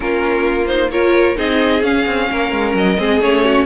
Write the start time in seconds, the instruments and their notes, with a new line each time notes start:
0.00 cello A#3, viola C#4, violin F4 A#4
0.67 viola D#4, violin C5
0.91 viola F4, violin A#4 C#5
1.36 cello C4, viola D#4, violin G#4 D#5
1.82 cello C#4, viola C#4, violin F5
2.06 cello C4
2.30 cello A#3, violin A#4
2.51 cello G#3
2.74 cello F#3, violin D#5
2.98 cello G#3, viola C4, violin G#4
3.19 cello A3, viola C#4, violin C#5
3.44 violin F#4